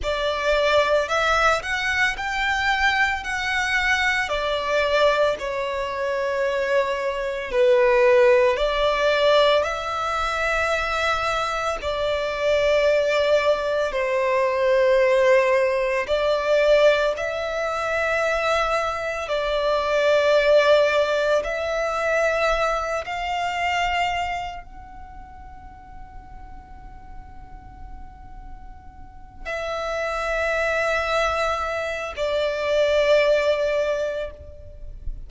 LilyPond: \new Staff \with { instrumentName = "violin" } { \time 4/4 \tempo 4 = 56 d''4 e''8 fis''8 g''4 fis''4 | d''4 cis''2 b'4 | d''4 e''2 d''4~ | d''4 c''2 d''4 |
e''2 d''2 | e''4. f''4. fis''4~ | fis''2.~ fis''8 e''8~ | e''2 d''2 | }